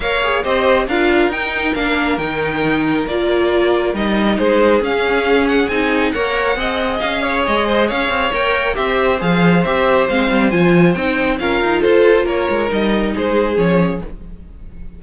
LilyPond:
<<
  \new Staff \with { instrumentName = "violin" } { \time 4/4 \tempo 4 = 137 f''4 dis''4 f''4 g''4 | f''4 g''2 d''4~ | d''4 dis''4 c''4 f''4~ | f''8 fis''8 gis''4 fis''2 |
f''4 dis''4 f''4 g''4 | e''4 f''4 e''4 f''4 | gis''4 g''4 f''4 c''4 | cis''4 dis''4 c''4 cis''4 | }
  \new Staff \with { instrumentName = "violin" } { \time 4/4 cis''4 c''4 ais'2~ | ais'1~ | ais'2 gis'2~ | gis'2 cis''4 dis''4~ |
dis''8 cis''4 c''8 cis''2 | c''1~ | c''2 ais'4 a'4 | ais'2 gis'2 | }
  \new Staff \with { instrumentName = "viola" } { \time 4/4 ais'8 gis'8 g'4 f'4 dis'4 | d'4 dis'2 f'4~ | f'4 dis'2 cis'4~ | cis'4 dis'4 ais'4 gis'4~ |
gis'2. ais'4 | g'4 gis'4 g'4 c'4 | f'4 dis'4 f'2~ | f'4 dis'2 cis'4 | }
  \new Staff \with { instrumentName = "cello" } { \time 4/4 ais4 c'4 d'4 dis'4 | ais4 dis2 ais4~ | ais4 g4 gis4 cis'4~ | cis'4 c'4 ais4 c'4 |
cis'4 gis4 cis'8 c'8 ais4 | c'4 f4 c'4 gis8 g8 | f4 c'4 cis'8 dis'8 f'4 | ais8 gis8 g4 gis4 f4 | }
>>